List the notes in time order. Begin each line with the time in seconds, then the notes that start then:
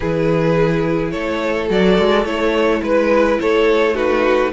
0.00 E3 E4 G#4 B4
1.11 A3 A4 C#5
1.68 F#3 F#4 D5
1.98 G#3
2.24 A3 E4 C#5
2.82 G#3 B4
3.40 A3 A4 C#5
3.94 D#4 F#4 B4